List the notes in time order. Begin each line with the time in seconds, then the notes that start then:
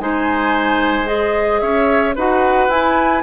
0.00 G#3 D#4 C5 G#5
1.06 G#4 D#5
1.60 C#4 C#5 E5
2.15 D#4 F#4 B4 F#5
2.68 E4 G#5